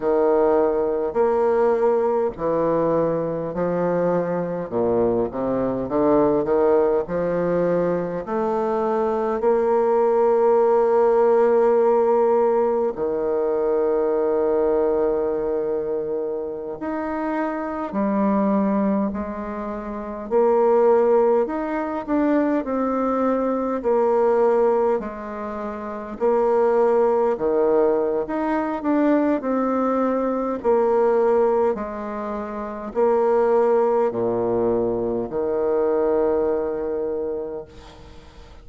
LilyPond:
\new Staff \with { instrumentName = "bassoon" } { \time 4/4 \tempo 4 = 51 dis4 ais4 e4 f4 | ais,8 c8 d8 dis8 f4 a4 | ais2. dis4~ | dis2~ dis16 dis'4 g8.~ |
g16 gis4 ais4 dis'8 d'8 c'8.~ | c'16 ais4 gis4 ais4 dis8. | dis'8 d'8 c'4 ais4 gis4 | ais4 ais,4 dis2 | }